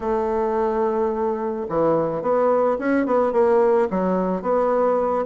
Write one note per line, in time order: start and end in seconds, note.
0.00 1.66 A3
1.69 2.22 E3
2.22 2.77 B3
2.78 3.06 C#4
3.06 3.32 B3
3.32 3.87 A#3
3.90 4.42 F#3
4.42 5.25 B3